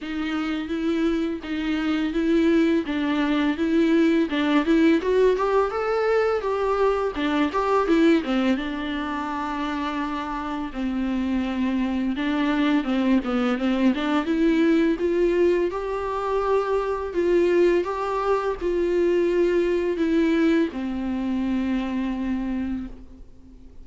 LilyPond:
\new Staff \with { instrumentName = "viola" } { \time 4/4 \tempo 4 = 84 dis'4 e'4 dis'4 e'4 | d'4 e'4 d'8 e'8 fis'8 g'8 | a'4 g'4 d'8 g'8 e'8 c'8 | d'2. c'4~ |
c'4 d'4 c'8 b8 c'8 d'8 | e'4 f'4 g'2 | f'4 g'4 f'2 | e'4 c'2. | }